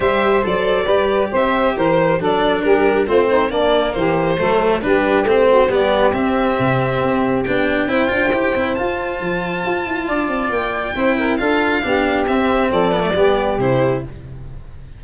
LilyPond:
<<
  \new Staff \with { instrumentName = "violin" } { \time 4/4 \tempo 4 = 137 e''4 d''2 e''4 | c''4 d''4 ais'4 c''4 | d''4 c''2 b'4 | c''4 d''4 e''2~ |
e''4 g''2. | a''1 | g''2 f''2 | e''4 d''2 c''4 | }
  \new Staff \with { instrumentName = "saxophone" } { \time 4/4 c''2 b'4 c''4 | ais'4 a'4 g'4 f'8 dis'8 | d'4 g'4 a'4 g'4~ | g'8 fis'8 g'2.~ |
g'2 c''2~ | c''2. d''4~ | d''4 c''8 ais'8 a'4 g'4~ | g'4 a'4 g'2 | }
  \new Staff \with { instrumentName = "cello" } { \time 4/4 g'4 a'4 g'2~ | g'4 d'2 c'4 | ais2 a4 d'4 | c'4 b4 c'2~ |
c'4 d'4 e'8 f'8 g'8 e'8 | f'1~ | f'4 e'4 f'4 d'4 | c'4. b16 a16 b4 e'4 | }
  \new Staff \with { instrumentName = "tuba" } { \time 4/4 g4 fis4 g4 c'4 | e4 fis4 g4 a4 | ais4 e4 fis4 g4 | a4 g4 c'4 c4 |
c'4 b4 c'8 d'8 e'8 c'8 | f'4 f4 f'8 e'8 d'8 c'8 | ais4 c'4 d'4 b4 | c'4 f4 g4 c4 | }
>>